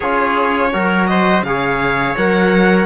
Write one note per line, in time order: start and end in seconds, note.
0.00 0.74 C#4
0.00 0.72 F4
0.00 0.70 G#4
0.00 1.06 C#5
0.72 1.42 F#3
0.72 1.44 F#4
0.72 1.09 A#4
1.06 1.45 C5
1.06 1.42 D#5
1.42 2.14 C#3
1.42 2.17 G#4
1.42 2.86 C#5
1.42 2.16 F5
2.17 2.86 F#3
2.17 2.86 A#4
2.17 2.86 F#5